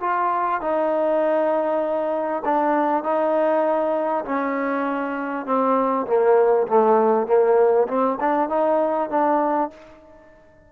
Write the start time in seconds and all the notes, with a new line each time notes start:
0.00 F4
0.61 D#4
2.45 D4
3.03 D#4
4.25 C#4
5.45 C4
6.06 A#3
6.67 A3
7.27 A#3
7.88 C4
8.20 D4
8.49 D#4
9.09 D4